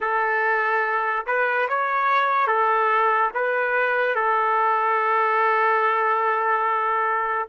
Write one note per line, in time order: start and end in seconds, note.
0.00 1.25 A4
1.26 1.67 B4
1.68 2.47 C#5
2.47 3.30 A4
3.33 4.15 B4
4.15 7.48 A4